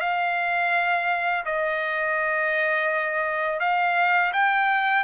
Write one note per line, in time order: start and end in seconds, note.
0.00 1.44 F5
1.45 3.59 D#5
3.59 4.32 F5
4.33 5.03 G5